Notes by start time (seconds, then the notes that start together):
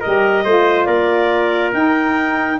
0.00 G4 A#4 D#5
0.06 G3
0.44 A3 F4 C5
0.85 A#3 A#4 D5
1.73 D#4 G5